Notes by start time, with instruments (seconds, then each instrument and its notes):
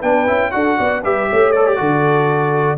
0.00 tuba B3, trombone D4, horn B4, trumpet G5
0.27 tuba C#4, trombone E4
0.51 tuba D4, trombone F#4, horn A4, trumpet F#5
0.78 tuba B3, horn D5
1.04 tuba G3, trombone G4, horn B4, trumpet E5
1.30 tuba A3, horn C#5
1.52 trombone A4, trumpet D5
1.66 trombone G4
1.77 tuba D3, trombone F#4, horn A4